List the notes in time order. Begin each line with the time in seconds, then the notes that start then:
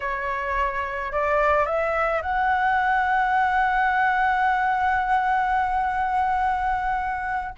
0.00 C#5
1.12 D5
1.66 E5
2.21 F#5